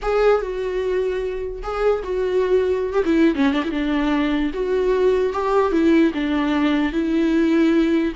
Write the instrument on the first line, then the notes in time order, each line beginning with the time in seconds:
viola
0.02 G#4
0.41 F#4
1.62 G#4
2.03 F#4
2.93 G4
3.05 E4
3.35 C#4
3.53 D4
3.64 E4
3.70 D4
4.53 F#4
5.32 G4
5.71 E4
6.14 D4
6.92 E4